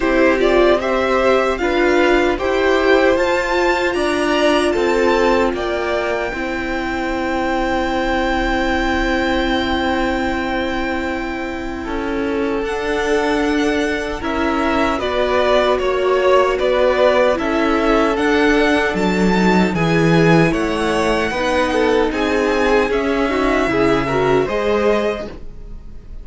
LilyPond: <<
  \new Staff \with { instrumentName = "violin" } { \time 4/4 \tempo 4 = 76 c''8 d''8 e''4 f''4 g''4 | a''4 ais''4 a''4 g''4~ | g''1~ | g''1 |
fis''2 e''4 d''4 | cis''4 d''4 e''4 fis''4 | a''4 gis''4 fis''2 | gis''4 e''2 dis''4 | }
  \new Staff \with { instrumentName = "violin" } { \time 4/4 g'4 c''4 b'4 c''4~ | c''4 d''4 a'4 d''4 | c''1~ | c''2. a'4~ |
a'2 ais'4 b'4 | cis''4 b'4 a'2~ | a'4 gis'4 cis''4 b'8 a'8 | gis'4. fis'8 gis'8 ais'8 c''4 | }
  \new Staff \with { instrumentName = "viola" } { \time 4/4 e'8 f'8 g'4 f'4 g'4 | f'1 | e'1~ | e'1 |
d'2 e'4 fis'4~ | fis'2 e'4 d'4~ | d'8 dis'8 e'2 dis'4~ | dis'4 cis'8 dis'8 e'8 fis'8 gis'4 | }
  \new Staff \with { instrumentName = "cello" } { \time 4/4 c'2 d'4 e'4 | f'4 d'4 c'4 ais4 | c'1~ | c'2. cis'4 |
d'2 cis'4 b4 | ais4 b4 cis'4 d'4 | fis4 e4 a4 b4 | c'4 cis'4 cis4 gis4 | }
>>